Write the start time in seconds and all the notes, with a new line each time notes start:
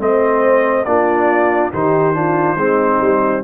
0.00 A3 C4 C5 D#5
0.85 A#3 D4 F4 D5
1.73 D#3 D#4 G4 C5
2.14 D4 F4
2.57 G#3 C4 D#4
3.01 G3